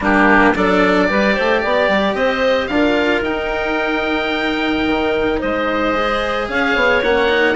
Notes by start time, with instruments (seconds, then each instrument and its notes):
0.00 bassoon G3, cello A#3, clarinet D4, oboe G4
0.55 bassoon F#3, cello D4, clarinet A4, oboe D5
1.08 bassoon G3, cello G4, clarinet B4
1.34 bassoon A3, clarinet C5
1.62 bassoon B3, clarinet D5
1.88 bassoon G3
2.14 bassoon C4, clarinet C5, oboe D#5
2.67 bassoon D4, cello F4, oboe F5
2.73 clarinet A#4
3.21 bassoon D#4, cello D#4, oboe G5
4.86 bassoon D#3
5.39 bassoon G#3, clarinet C5, oboe D#5
5.94 cello G#4
6.48 bassoon C#4, clarinet C#5, oboe F5
6.75 bassoon B3
7.02 bassoon A#3, cello C#4, oboe F#5
7.28 cello D#4